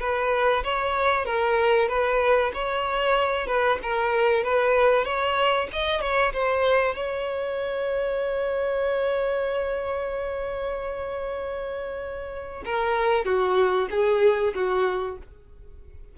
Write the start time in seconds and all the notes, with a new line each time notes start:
0.00 B4
0.64 C#5
1.25 A#4
1.88 B4
2.53 C#5
3.47 B4
3.83 A#4
4.44 B4
5.04 C#5
5.72 D#5
6.01 C#5
6.33 C5
6.95 C#5
12.65 A#4
13.25 F#4
13.90 G#4
14.54 F#4